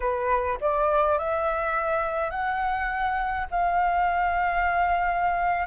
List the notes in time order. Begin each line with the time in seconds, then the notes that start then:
0.00 B4
0.61 D5
1.18 E5
2.30 F#5
3.50 F5